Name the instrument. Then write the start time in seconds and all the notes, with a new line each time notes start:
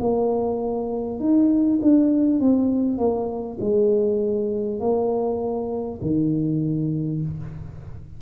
tuba
0.00 A#3
1.19 D#4
1.82 D4
2.40 C4
2.98 A#3
3.61 G#3
4.79 A#3
6.02 D#3